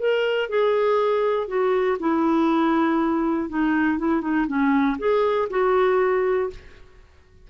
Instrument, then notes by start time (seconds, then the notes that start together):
clarinet
0.00 A#4
0.50 G#4
1.48 F#4
2.00 E4
3.50 D#4
3.99 E4
4.22 D#4
4.47 C#4
4.99 G#4
5.50 F#4